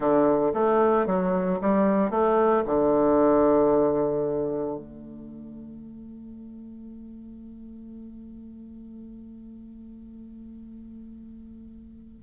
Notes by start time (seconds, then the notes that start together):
0.00 D3
0.53 A3
1.06 F#3
1.61 G3
2.10 A3
2.65 D3
4.78 A3